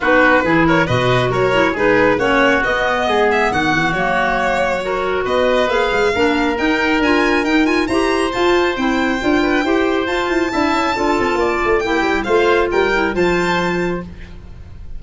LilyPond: <<
  \new Staff \with { instrumentName = "violin" } { \time 4/4 \tempo 4 = 137 b'4. cis''8 dis''4 cis''4 | b'4 cis''4 dis''4. e''8 | fis''4 cis''2. | dis''4 f''2 g''4 |
gis''4 g''8 gis''8 ais''4 a''4 | g''2. a''4~ | a''2. g''4 | f''4 g''4 a''2 | }
  \new Staff \with { instrumentName = "oboe" } { \time 4/4 fis'4 gis'8 ais'8 b'4 ais'4 | gis'4 fis'2 gis'4 | fis'2. ais'4 | b'2 ais'2~ |
ais'2 c''2~ | c''4. b'8 c''2 | e''4 a'4 d''4 g'4 | c''4 ais'4 c''2 | }
  \new Staff \with { instrumentName = "clarinet" } { \time 4/4 dis'4 e'4 fis'4. e'8 | dis'4 cis'4 b2~ | b4 ais2 fis'4~ | fis'4 gis'4 d'4 dis'4 |
f'4 dis'8 f'8 g'4 f'4 | e'4 f'4 g'4 f'4 | e'4 f'2 e'4 | f'4. e'8 f'2 | }
  \new Staff \with { instrumentName = "tuba" } { \time 4/4 b4 e4 b,4 fis4 | gis4 ais4 b4 gis4 | dis8 e8 fis2. | b4 ais8 gis8 ais4 dis'4 |
d'4 dis'4 e'4 f'4 | c'4 d'4 e'4 f'8 e'8 | d'8 cis'8 d'8 c'8 ais8 a8 ais8 g8 | a4 g4 f2 | }
>>